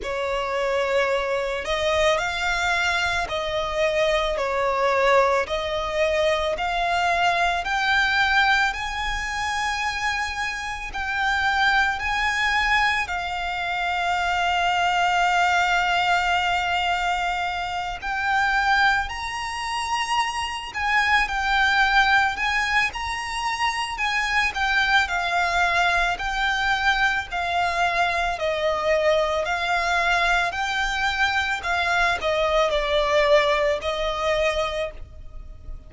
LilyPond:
\new Staff \with { instrumentName = "violin" } { \time 4/4 \tempo 4 = 55 cis''4. dis''8 f''4 dis''4 | cis''4 dis''4 f''4 g''4 | gis''2 g''4 gis''4 | f''1~ |
f''8 g''4 ais''4. gis''8 g''8~ | g''8 gis''8 ais''4 gis''8 g''8 f''4 | g''4 f''4 dis''4 f''4 | g''4 f''8 dis''8 d''4 dis''4 | }